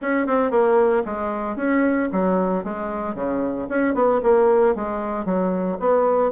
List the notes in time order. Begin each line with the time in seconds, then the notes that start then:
0.01 C#4
0.26 C4
0.50 A#3
1.05 G#3
1.56 C#4
2.11 F#3
2.63 G#3
3.15 C#3
3.68 C#4
3.94 B3
4.22 A#3
4.75 G#3
5.25 F#3
5.79 B3